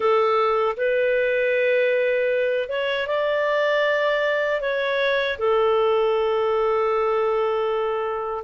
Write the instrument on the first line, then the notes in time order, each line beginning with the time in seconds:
clarinet
0.00 A4
0.77 B4
2.68 C#5
3.07 D5
4.60 C#5
5.38 A4